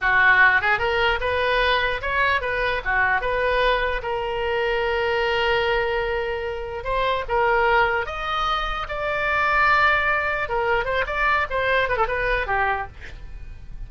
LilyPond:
\new Staff \with { instrumentName = "oboe" } { \time 4/4 \tempo 4 = 149 fis'4. gis'8 ais'4 b'4~ | b'4 cis''4 b'4 fis'4 | b'2 ais'2~ | ais'1~ |
ais'4 c''4 ais'2 | dis''2 d''2~ | d''2 ais'4 c''8 d''8~ | d''8 c''4 b'16 a'16 b'4 g'4 | }